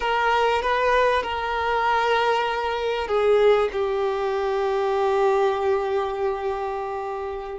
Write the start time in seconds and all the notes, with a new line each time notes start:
0.00 A#4
0.62 B4
1.23 A#4
3.07 G#4
3.72 G4